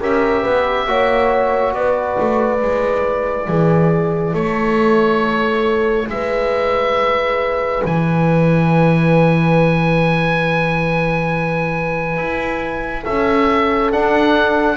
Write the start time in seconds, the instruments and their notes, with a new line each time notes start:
0.00 double bass C#4, trombone G4, horn A#4, oboe E5
0.42 double bass B3, horn B4
0.86 double bass A#3, trombone F#4, horn C#5
1.73 double bass B3, horn B4, oboe D5
2.19 double bass A3
2.58 double bass G#3, trombone E4
3.47 double bass E3, horn G#4
4.33 double bass A3, horn A4, oboe C#5
6.08 double bass G#3, horn B4, oboe E5
7.84 double bass E3, oboe G#5
12.17 double bass E4
13.03 double bass C#4, horn A4, oboe E5
13.91 trombone D4, double bass D4, oboe F#5